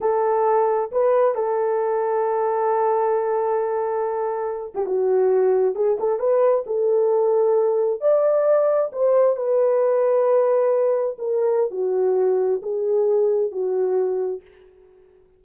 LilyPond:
\new Staff \with { instrumentName = "horn" } { \time 4/4 \tempo 4 = 133 a'2 b'4 a'4~ | a'1~ | a'2~ a'8 g'16 fis'4~ fis'16~ | fis'8. gis'8 a'8 b'4 a'4~ a'16~ |
a'4.~ a'16 d''2 c''16~ | c''8. b'2.~ b'16~ | b'8. ais'4~ ais'16 fis'2 | gis'2 fis'2 | }